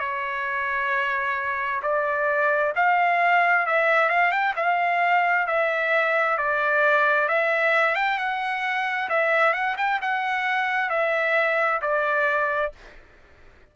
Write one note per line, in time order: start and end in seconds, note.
0.00 1.82 C#5
1.83 2.74 D5
2.76 3.67 F5
3.67 4.10 E5
4.10 4.32 F5
4.32 4.55 G5
4.56 5.47 F5
5.48 6.38 E5
6.38 7.29 D5
7.29 7.95 E5
7.95 8.18 G5
8.18 9.09 F#5
9.10 9.53 E5
9.53 9.76 F#5
9.78 10.00 G5
10.02 10.90 F#5
10.90 11.81 E5
11.82 12.73 D5